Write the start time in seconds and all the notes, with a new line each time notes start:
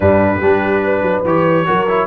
0.00 G2 G3 D4 B4
0.39 G3 D4 G4
0.83 B4
1.02 F#3
1.24 E3 G4 C#5
1.66 F#3 F#4 A#4
1.88 E4